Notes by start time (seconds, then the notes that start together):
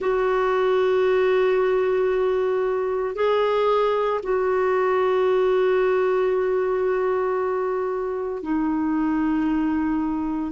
0.00 F#4
3.15 G#4
4.22 F#4
8.42 D#4